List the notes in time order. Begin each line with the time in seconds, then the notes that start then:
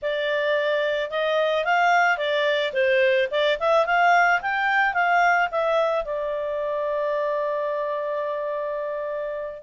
0.02 D5
1.10 D#5
1.64 F5
2.17 D5
2.73 C5
3.30 D5
3.59 E5
3.86 F5
4.41 G5
4.93 F5
5.51 E5
6.05 D5